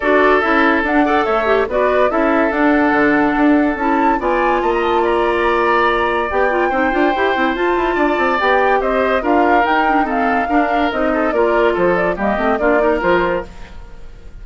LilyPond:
<<
  \new Staff \with { instrumentName = "flute" } { \time 4/4 \tempo 4 = 143 d''4 e''4 fis''4 e''4 | d''4 e''4 fis''2~ | fis''4 a''4 gis''4 a''16 ais''16 a''8 | ais''2. g''4~ |
g''2 a''2 | g''4 dis''4 f''4 g''4 | f''2 dis''4 d''4 | c''8 d''8 dis''4 d''4 c''4 | }
  \new Staff \with { instrumentName = "oboe" } { \time 4/4 a'2~ a'8 d''8 cis''4 | b'4 a'2.~ | a'2 d''4 dis''4 | d''1 |
c''2. d''4~ | d''4 c''4 ais'2 | a'4 ais'4. a'8 ais'4 | a'4 g'4 f'8 ais'4. | }
  \new Staff \with { instrumentName = "clarinet" } { \time 4/4 fis'4 e'4 d'8 a'4 g'8 | fis'4 e'4 d'2~ | d'4 e'4 f'2~ | f'2. g'8 f'8 |
dis'8 f'8 g'8 e'8 f'2 | g'2 f'4 dis'8 d'8 | c'4 d'4 dis'4 f'4~ | f'4 ais8 c'8 d'8 dis'8 f'4 | }
  \new Staff \with { instrumentName = "bassoon" } { \time 4/4 d'4 cis'4 d'4 a4 | b4 cis'4 d'4 d4 | d'4 cis'4 b4 ais4~ | ais2. b4 |
c'8 d'8 e'8 c'8 f'8 e'8 d'8 c'8 | b4 c'4 d'4 dis'4~ | dis'4 d'4 c'4 ais4 | f4 g8 a8 ais4 f4 | }
>>